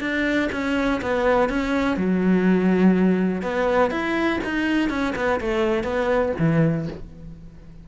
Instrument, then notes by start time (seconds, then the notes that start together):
cello
0.00 D4
0.51 C#4
1.01 B3
1.49 C#4
1.96 F#3
3.41 B3
3.90 E4
4.43 D#4
4.89 C#4
5.15 B3
5.40 A3
5.83 B3
6.38 E3